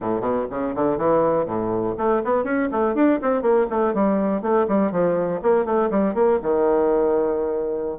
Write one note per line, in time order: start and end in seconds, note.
0.00 0.21 A2
0.21 0.45 B2
0.50 0.74 C#3
0.75 0.97 D3
0.97 1.45 E3
1.45 1.94 A2
1.97 2.22 A3
2.24 2.44 B3
2.44 2.68 C#4
2.71 2.94 A3
2.94 3.19 D4
3.21 3.42 C4
3.42 3.66 A#3
3.70 3.93 A3
3.93 4.42 G3
4.42 4.66 A3
4.67 4.91 G3
4.91 5.41 F3
5.42 5.65 A#3
5.65 5.89 A3
5.90 6.14 G3
6.14 6.39 A#3
6.42 7.98 D#3